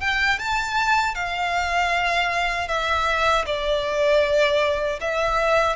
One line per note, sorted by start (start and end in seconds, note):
0.00 0.38 G5
0.39 1.15 A5
1.15 2.68 F5
2.68 3.45 E5
3.45 4.99 D5
5.00 5.76 E5